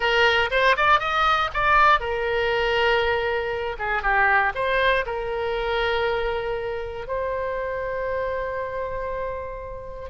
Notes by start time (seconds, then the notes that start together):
0.00 A#4
0.50 C5
0.76 D5
0.99 D#5
1.53 D5
2.00 A#4
3.78 G#4
4.02 G4
4.54 C5
5.06 A#4
7.07 C5